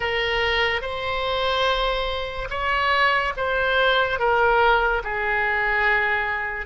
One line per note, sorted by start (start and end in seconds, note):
0.00 0.81 A#4
0.81 2.48 C5
2.50 3.33 C#5
3.36 4.19 C5
4.19 5.02 A#4
5.03 6.66 G#4